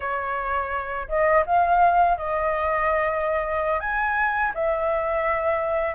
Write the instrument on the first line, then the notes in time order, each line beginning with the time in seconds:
flute
0.00 C#5
1.08 D#5
1.46 F5
2.17 D#5
3.80 G#5
4.54 E5